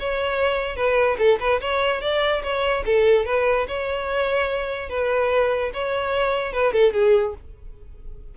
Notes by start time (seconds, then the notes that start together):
0.00 C#5
0.76 B4
1.18 A4
1.40 B4
1.61 C#5
2.01 D5
2.43 C#5
2.86 A4
3.26 B4
3.68 C#5
4.89 B4
5.74 C#5
6.53 B4
6.73 A4
6.94 G#4